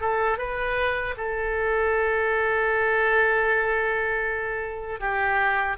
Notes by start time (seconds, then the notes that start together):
0.00 A4
0.38 B4
1.17 A4
5.00 G4